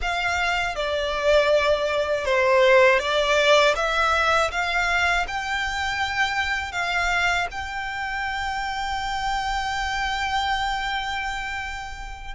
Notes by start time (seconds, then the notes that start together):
0.01 F5
0.75 D5
2.25 C5
2.99 D5
3.75 E5
4.51 F5
5.27 G5
6.72 F5
7.51 G5